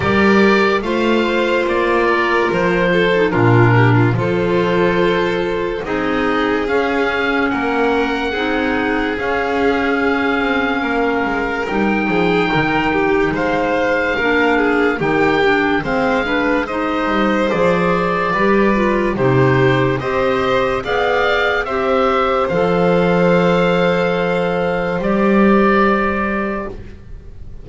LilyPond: <<
  \new Staff \with { instrumentName = "oboe" } { \time 4/4 \tempo 4 = 72 d''4 f''4 d''4 c''4 | ais'4 c''2 dis''4 | f''4 fis''2 f''4~ | f''2 g''2 |
f''2 g''4 f''4 | dis''4 d''2 c''4 | dis''4 f''4 e''4 f''4~ | f''2 d''2 | }
  \new Staff \with { instrumentName = "violin" } { \time 4/4 ais'4 c''4. ais'4 a'8 | f'8 g'16 f'16 a'2 gis'4~ | gis'4 ais'4 gis'2~ | gis'4 ais'4. gis'8 ais'8 g'8 |
c''4 ais'8 gis'8 g'4 c''8 b'8 | c''2 b'4 g'4 | c''4 d''4 c''2~ | c''1 | }
  \new Staff \with { instrumentName = "clarinet" } { \time 4/4 g'4 f'2~ f'8. dis'16 | d'4 f'2 dis'4 | cis'2 dis'4 cis'4~ | cis'2 dis'2~ |
dis'4 d'4 dis'8 d'8 c'8 d'8 | dis'4 gis'4 g'8 f'8 dis'4 | g'4 gis'4 g'4 a'4~ | a'2 g'2 | }
  \new Staff \with { instrumentName = "double bass" } { \time 4/4 g4 a4 ais4 f4 | ais,4 f2 c'4 | cis'4 ais4 c'4 cis'4~ | cis'8 c'8 ais8 gis8 g8 f8 dis4 |
gis4 ais4 dis4 gis4~ | gis8 g8 f4 g4 c4 | c'4 b4 c'4 f4~ | f2 g2 | }
>>